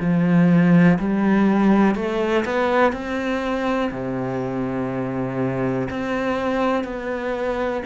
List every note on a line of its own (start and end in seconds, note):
0.00 0.98 F3
0.99 1.95 G3
1.95 2.45 A3
2.45 2.92 B3
2.92 3.91 C4
3.92 5.88 C3
5.90 6.84 C4
6.84 7.82 B3